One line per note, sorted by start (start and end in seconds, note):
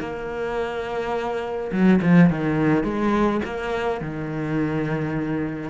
0.00 1.71 A#3
1.72 2.01 F#3
2.02 2.30 F3
2.30 2.84 D#3
2.84 3.41 G#3
3.45 4.01 A#3
4.01 5.70 D#3